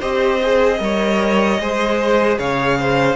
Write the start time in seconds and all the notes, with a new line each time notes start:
0.00 C4 G4 C5 D#5
0.42 G#4
0.79 G3 A#4 C#5
1.59 G#3 G#4 C5
2.38 C#3 C#5 F5
2.79 C5